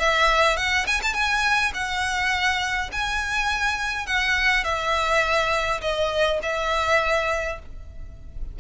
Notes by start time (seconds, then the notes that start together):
0.00 E5
0.57 F#5
0.87 G#5
1.03 A5
1.14 G#5
1.74 F#5
2.93 G#5
4.07 F#5
4.65 E5
5.82 D#5
6.43 E5